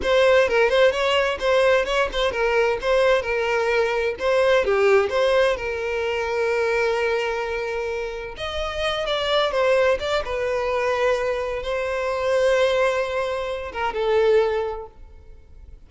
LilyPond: \new Staff \with { instrumentName = "violin" } { \time 4/4 \tempo 4 = 129 c''4 ais'8 c''8 cis''4 c''4 | cis''8 c''8 ais'4 c''4 ais'4~ | ais'4 c''4 g'4 c''4 | ais'1~ |
ais'2 dis''4. d''8~ | d''8 c''4 d''8 b'2~ | b'4 c''2.~ | c''4. ais'8 a'2 | }